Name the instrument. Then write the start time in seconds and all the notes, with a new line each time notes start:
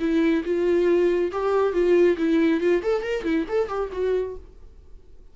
viola
0.00 E4
0.45 F4
1.32 G4
1.73 F4
2.17 E4
2.61 F4
2.83 A4
3.03 A#4
3.24 E4
3.49 A4
3.68 G4
3.92 F#4